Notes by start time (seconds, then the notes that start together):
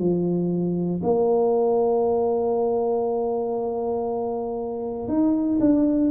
0.00 F3
1.04 A#3
5.08 D#4
5.61 D4